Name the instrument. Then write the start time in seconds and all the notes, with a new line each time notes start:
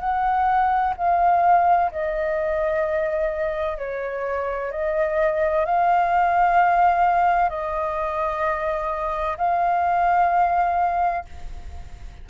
flute
0.00 F#5
0.97 F5
1.91 D#5
3.78 C#5
4.72 D#5
5.65 F5
7.50 D#5
9.38 F5